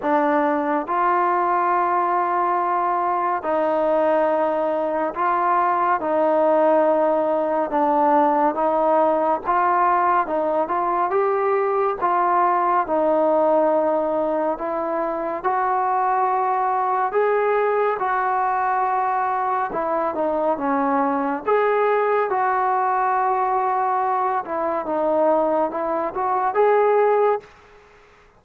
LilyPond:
\new Staff \with { instrumentName = "trombone" } { \time 4/4 \tempo 4 = 70 d'4 f'2. | dis'2 f'4 dis'4~ | dis'4 d'4 dis'4 f'4 | dis'8 f'8 g'4 f'4 dis'4~ |
dis'4 e'4 fis'2 | gis'4 fis'2 e'8 dis'8 | cis'4 gis'4 fis'2~ | fis'8 e'8 dis'4 e'8 fis'8 gis'4 | }